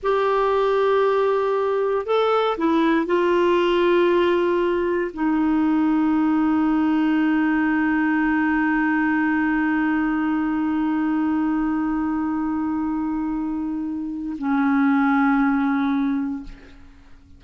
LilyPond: \new Staff \with { instrumentName = "clarinet" } { \time 4/4 \tempo 4 = 117 g'1 | a'4 e'4 f'2~ | f'2 dis'2~ | dis'1~ |
dis'1~ | dis'1~ | dis'1 | cis'1 | }